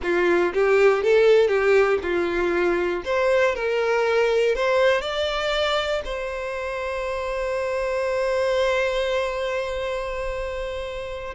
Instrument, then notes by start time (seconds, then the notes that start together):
violin
0.03 F4
0.53 G4
1.03 A4
1.48 G4
2.02 F4
3.05 C5
3.55 A#4
4.55 C5
5.01 D5
6.05 C5